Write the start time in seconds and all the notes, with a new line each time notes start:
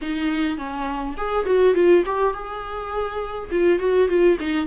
0.01 D#4
0.57 C#4
1.17 G#4
1.45 F#4
1.74 F4
2.05 G4
2.33 G#4
3.51 F4
3.79 F#4
4.08 F4
4.40 D#4